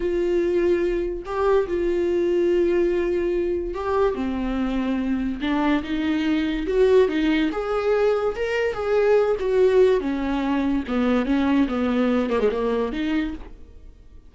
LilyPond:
\new Staff \with { instrumentName = "viola" } { \time 4/4 \tempo 4 = 144 f'2. g'4 | f'1~ | f'4 g'4 c'2~ | c'4 d'4 dis'2 |
fis'4 dis'4 gis'2 | ais'4 gis'4. fis'4. | cis'2 b4 cis'4 | b4. ais16 gis16 ais4 dis'4 | }